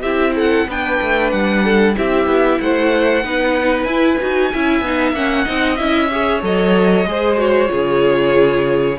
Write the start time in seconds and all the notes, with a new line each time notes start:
0.00 C4 E4 G4 E5
0.35 A4 F#5
0.67 B3 D4 B4 G5
1.01 A3
1.30 G3 F#5
1.64 A4
1.95 C4 E4 G4 E5
2.26 B3
2.60 A3 C5 F#5
3.23 B3 D#4 B4
3.83 E4 G#5
4.20 D#4 F#4
4.53 C#4 E4 E5
4.81 B3 D#4
5.13 A#3 C#4 F#5
5.44 C4 D#4 D#5
5.76 C#4 E4 E5
6.11 G#4 C#5
6.42 F#3 A4 D#5
7.05 G#3 G#4 C5
7.37 F#4 C#5
7.67 C#3 F4 G#4